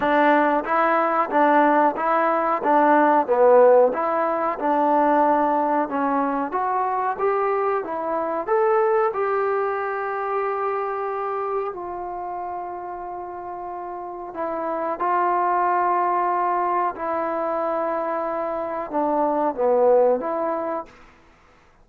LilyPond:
\new Staff \with { instrumentName = "trombone" } { \time 4/4 \tempo 4 = 92 d'4 e'4 d'4 e'4 | d'4 b4 e'4 d'4~ | d'4 cis'4 fis'4 g'4 | e'4 a'4 g'2~ |
g'2 f'2~ | f'2 e'4 f'4~ | f'2 e'2~ | e'4 d'4 b4 e'4 | }